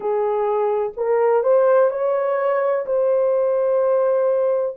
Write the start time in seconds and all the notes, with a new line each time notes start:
0.00 G#4
0.96 A#4
1.43 C5
1.90 C#5
2.86 C5